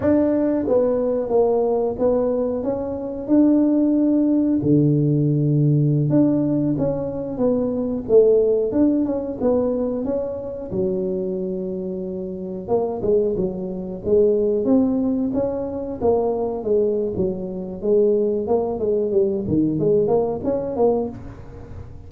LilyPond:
\new Staff \with { instrumentName = "tuba" } { \time 4/4 \tempo 4 = 91 d'4 b4 ais4 b4 | cis'4 d'2 d4~ | d4~ d16 d'4 cis'4 b8.~ | b16 a4 d'8 cis'8 b4 cis'8.~ |
cis'16 fis2. ais8 gis16~ | gis16 fis4 gis4 c'4 cis'8.~ | cis'16 ais4 gis8. fis4 gis4 | ais8 gis8 g8 dis8 gis8 ais8 cis'8 ais8 | }